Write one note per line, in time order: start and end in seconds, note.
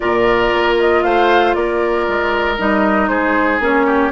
0.00 0.53 A#2
0.00 2.56 F4
0.00 1.04 A#4
0.00 0.75 D5
0.53 1.04 A#3
0.79 1.03 D#5
1.03 1.55 A3
1.03 1.56 C5
1.03 1.54 F5
1.54 2.07 A#3
1.54 3.09 A#4
1.54 2.57 D5
2.07 2.59 G#3
2.58 3.09 G3
2.58 3.60 D#4
2.58 3.08 D#5
3.08 3.59 G#3
3.08 3.86 G#4
3.08 3.59 C5
3.59 4.11 A#3
3.59 4.12 C#4
3.59 4.12 C#5
3.86 4.12 G4